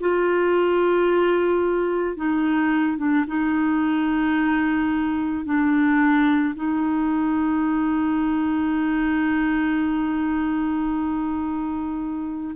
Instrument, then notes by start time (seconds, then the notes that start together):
clarinet
0.00 F4
2.16 D#4
2.98 D4
3.27 D#4
5.45 D4
6.55 D#4